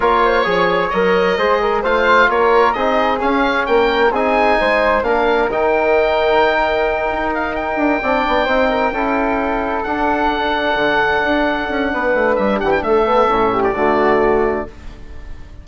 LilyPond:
<<
  \new Staff \with { instrumentName = "oboe" } { \time 4/4 \tempo 4 = 131 cis''2 dis''2 | f''4 cis''4 dis''4 f''4 | g''4 gis''2 f''4 | g''1 |
f''8 g''2.~ g''8~ | g''4. fis''2~ fis''8~ | fis''2. e''8 fis''16 g''16 | e''4.~ e''16 d''2~ d''16 | }
  \new Staff \with { instrumentName = "flute" } { \time 4/4 ais'8 c''8 cis''2 c''8 ais'8 | c''4 ais'4 gis'2 | ais'4 gis'4 c''4 ais'4~ | ais'1~ |
ais'4. d''4 c''8 ais'8 a'8~ | a'1~ | a'2 b'4. g'8 | a'4. g'8 fis'2 | }
  \new Staff \with { instrumentName = "trombone" } { \time 4/4 f'4 gis'4 ais'4 gis'4 | f'2 dis'4 cis'4~ | cis'4 dis'2 d'4 | dis'1~ |
dis'4. d'4 dis'4 e'8~ | e'4. d'2~ d'8~ | d'1~ | d'8 b8 cis'4 a2 | }
  \new Staff \with { instrumentName = "bassoon" } { \time 4/4 ais4 f4 fis4 gis4 | a4 ais4 c'4 cis'4 | ais4 c'4 gis4 ais4 | dis2.~ dis8 dis'8~ |
dis'4 d'8 c'8 b8 c'4 cis'8~ | cis'4. d'2 d8~ | d8 d'4 cis'8 b8 a8 g8 e8 | a4 a,4 d2 | }
>>